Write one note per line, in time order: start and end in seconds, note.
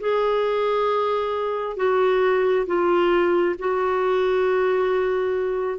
0.00 1.76 G#4
1.76 2.66 F#4
2.66 3.56 F4
3.59 5.79 F#4